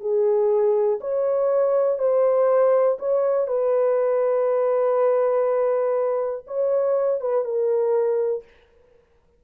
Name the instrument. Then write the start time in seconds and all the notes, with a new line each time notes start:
horn
0.00 G#4
1.00 C#5
1.99 C5
2.99 C#5
3.47 B4
6.47 C#5
7.21 B4
7.45 A#4